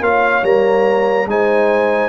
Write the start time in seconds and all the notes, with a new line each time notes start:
0.00 A#3 F4 C#5 F5
0.43 G3 A#3 A#5
1.26 G#3 D#4 C5 G#5